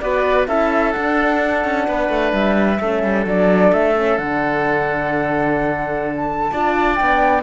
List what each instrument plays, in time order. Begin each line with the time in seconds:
0.00 cello B3, horn F#4, oboe B4, flute D5
0.47 cello C#4, horn E4, oboe A4, flute E5
0.91 horn D4, cello D4, flute F#5
1.64 cello C#4
1.87 cello B3, oboe B4
2.09 cello A3
2.32 cello G3, flute E5
2.80 cello A3, horn C#4, oboe A4
3.03 cello G3
3.25 cello F#3, horn D4, flute D5
3.72 cello A3, flute E5
3.94 horn C#4
4.17 cello D3, horn D4, flute F#5
6.16 flute A5
6.51 cello D4, horn F4, oboe D5
6.95 cello B3, horn D4, flute G5